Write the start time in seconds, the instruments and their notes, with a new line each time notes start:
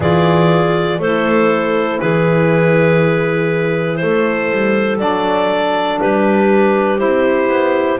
0.00 double bass E3, saxophone F4, clarinet G#4 D5
0.98 double bass A3, saxophone E4, clarinet A4 C5
2.00 double bass E3, clarinet G#4 B4
3.96 double bass A3, clarinet A4 C5
4.51 double bass G3
4.98 double bass F#3, saxophone D4, clarinet D5
6.00 double bass G3, clarinet G4 B4
6.98 double bass C4, saxophone E4, clarinet C5
7.48 double bass B3